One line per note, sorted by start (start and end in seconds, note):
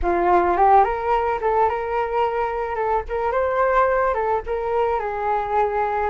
0.02 0.57 F4
0.57 0.84 G4
0.84 1.39 A#4
1.41 1.69 A4
1.69 2.75 A#4
2.75 3.03 A4
3.08 3.31 A#4
3.31 4.14 C5
4.14 4.41 A4
4.46 4.99 A#4
4.99 6.10 G#4